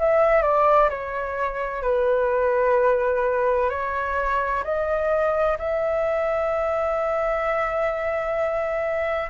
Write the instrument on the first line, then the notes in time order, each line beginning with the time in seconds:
flute
0.00 E5
0.43 D5
0.90 C#5
1.83 B4
3.70 C#5
4.64 D#5
5.59 E5